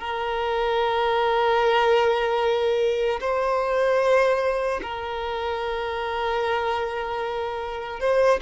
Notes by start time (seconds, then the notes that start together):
0.00 A#4
3.20 C5
4.82 A#4
8.00 C5